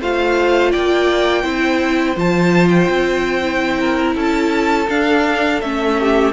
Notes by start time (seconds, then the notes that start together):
0.00 A3 F4 C5 F5
0.71 A#3 D5 G5
1.42 C4 E4 C5
2.16 F3 F4 A5
2.69 G5
2.89 C4
3.42 E4
3.80 A#4
4.15 C#4 A4 A5
4.89 D4 F5
5.61 A3 C#4 E5
5.99 G4